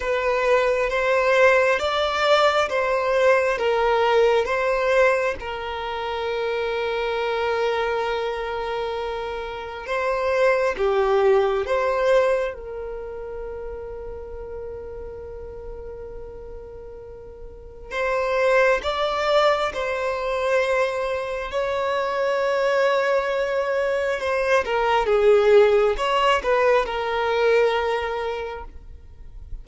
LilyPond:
\new Staff \with { instrumentName = "violin" } { \time 4/4 \tempo 4 = 67 b'4 c''4 d''4 c''4 | ais'4 c''4 ais'2~ | ais'2. c''4 | g'4 c''4 ais'2~ |
ais'1 | c''4 d''4 c''2 | cis''2. c''8 ais'8 | gis'4 cis''8 b'8 ais'2 | }